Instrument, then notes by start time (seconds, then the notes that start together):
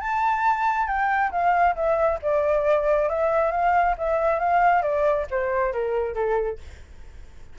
flute
0.00 A5
0.87 G5
1.31 F5
1.75 E5
2.22 D5
3.09 E5
3.51 F5
3.98 E5
4.39 F5
4.82 D5
5.30 C5
5.72 A#4
6.14 A4